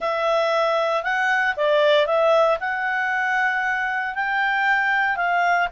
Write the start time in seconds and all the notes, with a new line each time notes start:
0.00 E5
1.03 F#5
1.56 D5
2.06 E5
2.60 F#5
4.14 G5
5.16 F5